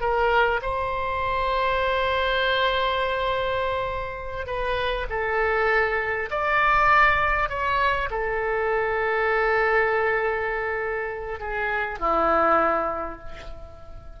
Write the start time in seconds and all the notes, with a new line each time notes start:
0.00 A#4
0.62 C5
4.46 B4
5.09 A4
6.30 D5
7.49 C#5
8.10 A4
11.39 G#4
11.99 E4